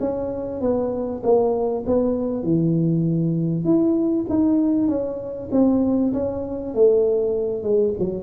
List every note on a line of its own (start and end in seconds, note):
0.00 0.61 C#4
0.61 1.22 B3
1.23 1.85 A#3
1.86 2.44 B3
2.44 3.65 E3
3.65 4.26 E4
4.29 4.88 D#4
4.88 5.49 C#4
5.52 6.13 C4
6.14 6.75 C#4
6.75 7.63 A3
7.63 7.94 G#3
7.99 8.23 F#3